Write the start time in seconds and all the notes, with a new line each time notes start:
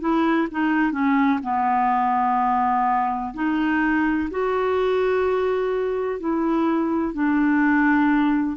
0.00 E4
0.51 D#4
0.92 C#4
1.43 B3
3.34 D#4
4.30 F#4
6.20 E4
7.14 D4